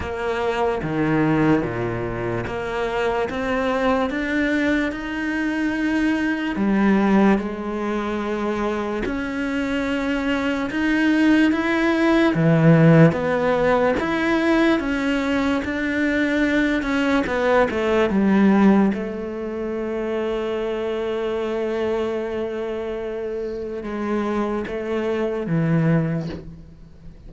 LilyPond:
\new Staff \with { instrumentName = "cello" } { \time 4/4 \tempo 4 = 73 ais4 dis4 ais,4 ais4 | c'4 d'4 dis'2 | g4 gis2 cis'4~ | cis'4 dis'4 e'4 e4 |
b4 e'4 cis'4 d'4~ | d'8 cis'8 b8 a8 g4 a4~ | a1~ | a4 gis4 a4 e4 | }